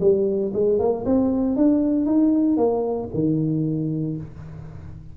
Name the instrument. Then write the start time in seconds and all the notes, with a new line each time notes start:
tuba
0.00 G3
0.53 G#3
0.79 A#3
1.05 C4
1.56 D4
2.05 D#4
2.57 A#3
3.13 D#3